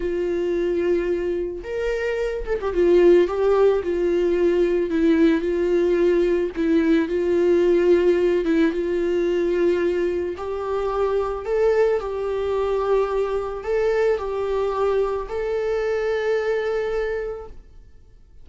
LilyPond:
\new Staff \with { instrumentName = "viola" } { \time 4/4 \tempo 4 = 110 f'2. ais'4~ | ais'8 a'16 g'16 f'4 g'4 f'4~ | f'4 e'4 f'2 | e'4 f'2~ f'8 e'8 |
f'2. g'4~ | g'4 a'4 g'2~ | g'4 a'4 g'2 | a'1 | }